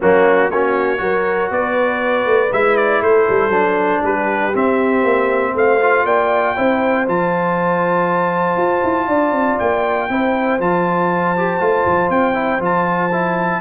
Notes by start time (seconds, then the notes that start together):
0.00 F#3 A#3 C#4 F#4
0.49 A#3 C#4 F#4 C#5
0.97 F#3 F#4 A#4
1.50 B3 B4 D5
2.25 A3
2.52 G#3 E4 E5
2.76 D5
3.01 A3 A4 C5
3.29 G3
3.48 F#3 D4
4.00 G3 G4 B4
4.54 C4 E5
5.03 A#3
5.54 A3 C5 F5
5.80 F4
6.04 A#3 D5 G5
6.55 C4 E4 C5
7.07 F3 F4 A5
8.56 F4
8.83 E4
9.07 D4 D5
9.31 C4
9.59 A#3 G5
10.09 C4 E4 C5
10.59 F3 F4 A5
11.36 G4
11.59 A3 F4
11.86 F3
12.09 C4 G5
12.33 E4
12.59 F3 F4 A5
13.11 E4